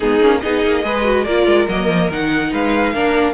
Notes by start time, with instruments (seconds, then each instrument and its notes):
0.00 cello G#3, viola B3, violin D#4 G#4
0.20 cello A#3, viola C#4
0.40 cello B3, viola D#4, violin G#4 D#5
0.64 cello A#3
0.82 cello G#3, viola G#4, violin B4
1.03 viola F#4
1.24 cello A#3, viola F4, violin A#4 D5
1.46 cello G#3
1.68 cello F#3, viola A#3, violin D#5
1.87 cello F3
2.09 cello D#3, viola D#4, violin F#5
2.51 cello G#3, violin B4 F5
2.93 cello A#3, viola D4, violin A#4